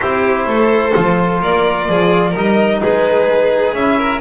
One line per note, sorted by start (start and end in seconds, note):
0.00 0.46 C4
0.00 0.93 E4
0.00 0.47 G4
0.00 1.41 C5
0.46 0.93 A3
0.46 1.40 A4
0.93 1.42 F3
0.93 2.33 F4
1.40 1.88 A#3
1.40 1.87 A#4
1.40 2.36 D5
1.88 2.34 F3
1.88 2.30 G#4
2.30 2.81 G3
2.30 3.76 D#4
2.30 2.77 A#4
2.37 2.82 D#5
2.82 3.73 G#3
2.82 3.98 G#4
2.82 3.74 B4
3.73 4.20 C#4
3.73 4.21 E4
3.73 4.21 E5
3.98 4.21 A#4